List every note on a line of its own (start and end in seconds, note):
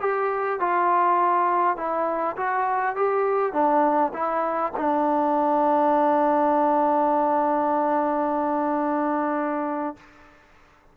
0.00 0.59 G4
0.59 1.76 F4
1.76 2.36 E4
2.36 2.95 F#4
2.95 3.52 G4
3.52 4.12 D4
4.13 4.72 E4
4.76 9.96 D4